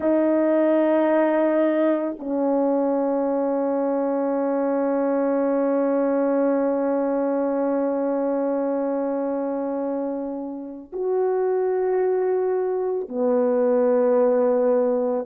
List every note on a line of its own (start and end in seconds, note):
0.00 2.16 D#4
2.19 10.91 C#4
10.92 13.08 F#4
13.08 15.25 B3